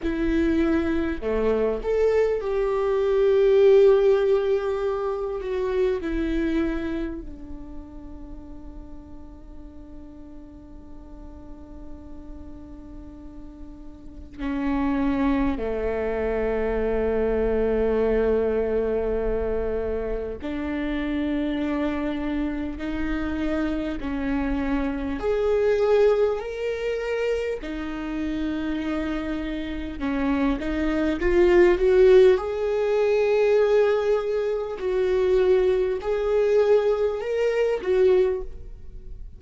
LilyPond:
\new Staff \with { instrumentName = "viola" } { \time 4/4 \tempo 4 = 50 e'4 a8 a'8 g'2~ | g'8 fis'8 e'4 d'2~ | d'1 | cis'4 a2.~ |
a4 d'2 dis'4 | cis'4 gis'4 ais'4 dis'4~ | dis'4 cis'8 dis'8 f'8 fis'8 gis'4~ | gis'4 fis'4 gis'4 ais'8 fis'8 | }